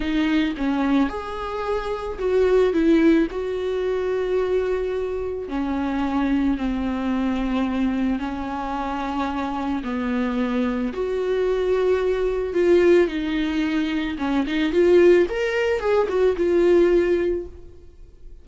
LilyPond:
\new Staff \with { instrumentName = "viola" } { \time 4/4 \tempo 4 = 110 dis'4 cis'4 gis'2 | fis'4 e'4 fis'2~ | fis'2 cis'2 | c'2. cis'4~ |
cis'2 b2 | fis'2. f'4 | dis'2 cis'8 dis'8 f'4 | ais'4 gis'8 fis'8 f'2 | }